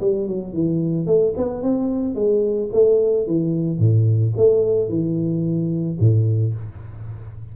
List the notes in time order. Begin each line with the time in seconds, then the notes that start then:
0.00 G3
0.27 F#3
0.53 E3
1.06 A3
1.37 B3
1.62 C4
2.15 G#3
2.72 A3
3.27 E3
3.78 A2
4.36 A3
4.89 E3
5.99 A2